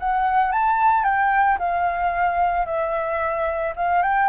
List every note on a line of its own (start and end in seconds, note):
0.00 0.52 F#5
0.52 1.04 A5
1.04 1.58 G5
1.59 2.66 F5
2.66 3.74 E5
3.76 4.03 F5
4.03 4.29 G5